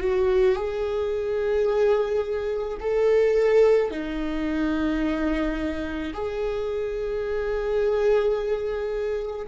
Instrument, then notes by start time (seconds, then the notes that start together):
viola
0.00 F#4
0.56 G#4
2.80 A4
3.91 D#4
6.14 G#4